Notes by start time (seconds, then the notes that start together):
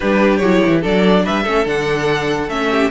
0.00 G3 D4 G4 B4
0.37 F#3 E4 C#5
0.66 E3
0.81 F#3 D4 A4 D5
1.24 G3 B4 E5
1.43 A3 C#4 A4
1.65 D3 D4 F#5
2.48 A3 C#4 E5
2.70 G4